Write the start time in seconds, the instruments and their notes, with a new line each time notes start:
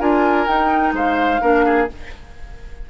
0.00 bassoon D4, clarinet F4, oboe A#4, flute G#5
0.47 clarinet D#4, bassoon D#4, flute G5
0.93 bassoon G#3, oboe C5, flute F5
1.41 bassoon A#3, clarinet D4, oboe A#4
1.66 oboe G#4